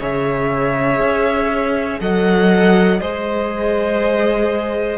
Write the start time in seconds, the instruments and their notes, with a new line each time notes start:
0.00 cello C#3, viola G#4, violin C#5 E5
1.00 cello C#4
2.00 cello F#3, viola A4, violin D#5 F#5
3.01 cello G#3, viola G#4, violin C5 D#5